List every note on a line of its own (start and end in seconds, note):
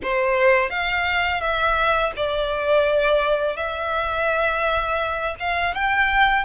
0.02 0.70 C5
0.70 1.40 F5
1.40 2.12 E5
2.16 3.56 D5
3.56 5.35 E5
5.39 5.74 F5
5.74 6.44 G5